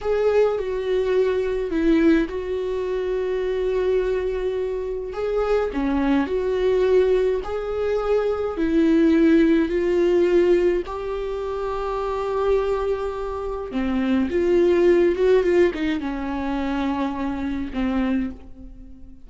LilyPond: \new Staff \with { instrumentName = "viola" } { \time 4/4 \tempo 4 = 105 gis'4 fis'2 e'4 | fis'1~ | fis'4 gis'4 cis'4 fis'4~ | fis'4 gis'2 e'4~ |
e'4 f'2 g'4~ | g'1 | c'4 f'4. fis'8 f'8 dis'8 | cis'2. c'4 | }